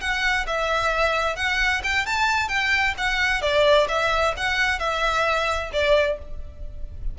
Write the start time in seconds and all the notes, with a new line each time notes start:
0.00 F#5
0.47 E5
1.36 F#5
1.83 G5
2.06 A5
2.48 G5
2.97 F#5
3.41 D5
3.88 E5
4.36 F#5
4.79 E5
5.72 D5